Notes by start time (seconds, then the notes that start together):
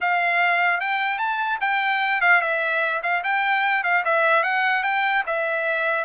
0.00 F5
0.80 G5
1.18 A5
1.60 G5
2.21 F5
2.41 E5
3.03 F5
3.23 G5
3.83 F5
4.05 E5
4.43 F#5
4.83 G5
5.26 E5